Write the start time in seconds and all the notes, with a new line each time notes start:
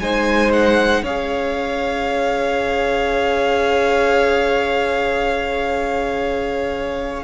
0.00 G#3 D#4 C5 G#5
0.53 F#5
1.03 C#4 G#4 C#5 F5